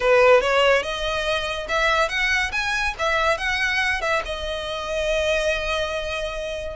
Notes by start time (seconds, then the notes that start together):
0.00 B4
0.40 C#5
0.82 D#5
1.68 E5
2.08 F#5
2.52 G#5
2.98 E5
3.37 F#5
4.01 E5
4.25 D#5